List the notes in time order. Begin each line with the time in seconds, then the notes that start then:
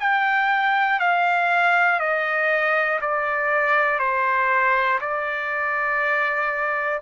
0.00 G5
1.00 F5
2.00 D#5
3.02 D5
4.00 C5
5.01 D5